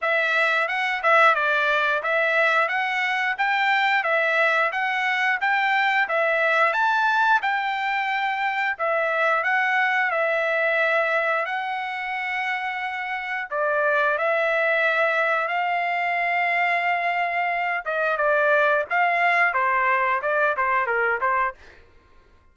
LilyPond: \new Staff \with { instrumentName = "trumpet" } { \time 4/4 \tempo 4 = 89 e''4 fis''8 e''8 d''4 e''4 | fis''4 g''4 e''4 fis''4 | g''4 e''4 a''4 g''4~ | g''4 e''4 fis''4 e''4~ |
e''4 fis''2. | d''4 e''2 f''4~ | f''2~ f''8 dis''8 d''4 | f''4 c''4 d''8 c''8 ais'8 c''8 | }